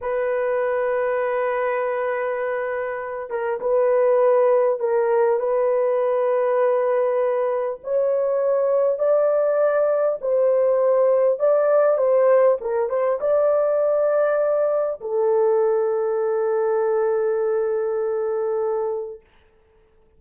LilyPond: \new Staff \with { instrumentName = "horn" } { \time 4/4 \tempo 4 = 100 b'1~ | b'4. ais'8 b'2 | ais'4 b'2.~ | b'4 cis''2 d''4~ |
d''4 c''2 d''4 | c''4 ais'8 c''8 d''2~ | d''4 a'2.~ | a'1 | }